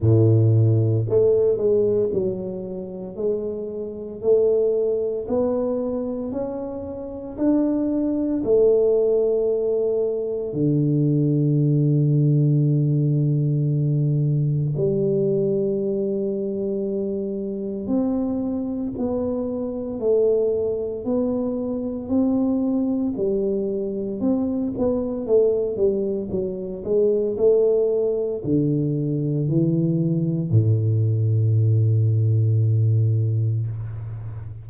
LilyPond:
\new Staff \with { instrumentName = "tuba" } { \time 4/4 \tempo 4 = 57 a,4 a8 gis8 fis4 gis4 | a4 b4 cis'4 d'4 | a2 d2~ | d2 g2~ |
g4 c'4 b4 a4 | b4 c'4 g4 c'8 b8 | a8 g8 fis8 gis8 a4 d4 | e4 a,2. | }